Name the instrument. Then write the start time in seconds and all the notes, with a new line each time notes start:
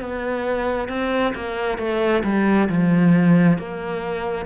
cello
0.00 B3
0.88 C4
1.35 A#3
1.78 A3
2.23 G3
2.69 F3
3.58 A#3